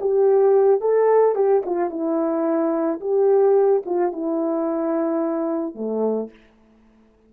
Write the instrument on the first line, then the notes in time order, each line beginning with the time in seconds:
horn
0.00 G4
0.80 A4
1.35 G4
1.65 F4
1.90 E4
3.00 G4
3.85 F4
4.12 E4
5.74 A3